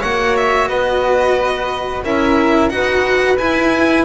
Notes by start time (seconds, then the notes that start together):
0.00 A#3 F#4 C#5 F#5
0.36 E5
0.68 B3 B4 D#5
2.04 C#4 E4 A#4 E5
2.69 D#4 F#4 B4 F#5
3.38 E4 G#5